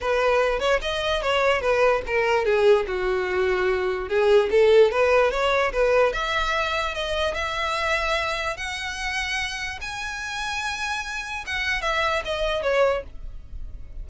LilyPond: \new Staff \with { instrumentName = "violin" } { \time 4/4 \tempo 4 = 147 b'4. cis''8 dis''4 cis''4 | b'4 ais'4 gis'4 fis'4~ | fis'2 gis'4 a'4 | b'4 cis''4 b'4 e''4~ |
e''4 dis''4 e''2~ | e''4 fis''2. | gis''1 | fis''4 e''4 dis''4 cis''4 | }